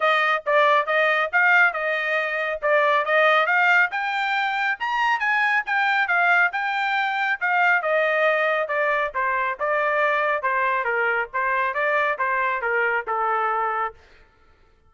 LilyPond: \new Staff \with { instrumentName = "trumpet" } { \time 4/4 \tempo 4 = 138 dis''4 d''4 dis''4 f''4 | dis''2 d''4 dis''4 | f''4 g''2 ais''4 | gis''4 g''4 f''4 g''4~ |
g''4 f''4 dis''2 | d''4 c''4 d''2 | c''4 ais'4 c''4 d''4 | c''4 ais'4 a'2 | }